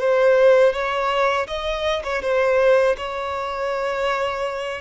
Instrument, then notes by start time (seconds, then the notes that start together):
violin
0.00 C5
0.73 C#5
1.47 D#5
2.04 C#5
2.22 C5
2.98 C#5